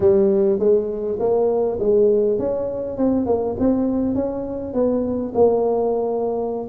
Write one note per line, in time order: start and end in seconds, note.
0.00 0.59 G3
0.59 1.18 G#3
1.19 1.78 A#3
1.79 2.38 G#3
2.38 2.97 C#4
2.97 3.26 C4
3.26 3.55 A#3
3.59 4.14 C4
4.14 4.73 C#4
4.73 5.32 B3
5.34 6.68 A#3